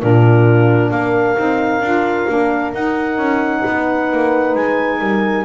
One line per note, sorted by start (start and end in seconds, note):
0.00 0.91 A#2
0.00 1.36 D4
0.00 0.93 F4
0.00 0.90 A#4
0.90 1.36 A#3
0.90 3.62 A#4
0.90 2.72 F5
1.36 1.81 C4
1.36 1.82 D#4
1.81 2.26 D4
1.81 2.28 F4
2.28 2.74 A#3
2.28 2.74 D4
2.74 5.44 D#4
2.74 3.17 D#4
2.74 4.55 F#5
3.17 3.63 C#4
3.62 4.12 B3
3.62 4.99 B4
4.12 4.55 A#3
4.55 4.99 G#3
4.55 5.44 G#5
4.99 5.44 G3
4.99 5.44 A#4